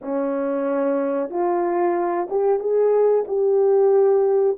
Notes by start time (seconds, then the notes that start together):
0.01 C#4
1.30 F4
2.29 G4
2.59 G#4
3.27 G4